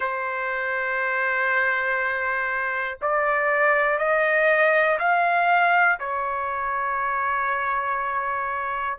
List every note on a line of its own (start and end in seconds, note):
0.00 2.97 C5
3.01 3.98 D5
3.98 4.98 D#5
4.99 5.99 F5
6.00 8.98 C#5